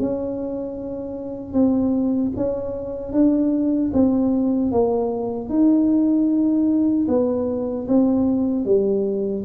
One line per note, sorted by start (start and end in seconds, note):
0.00 1.54 C#4
1.54 2.33 C4
2.37 3.13 C#4
3.13 3.92 D4
3.94 4.72 C4
4.72 5.49 A#3
5.49 7.07 D#4
7.09 7.88 B3
7.88 8.66 C4
8.66 9.45 G3